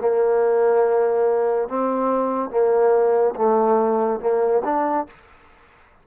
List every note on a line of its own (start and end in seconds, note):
0.00 1.68 A#3
1.68 2.50 C4
2.50 3.34 A#3
3.35 4.20 A3
4.20 4.62 A#3
4.64 5.07 D4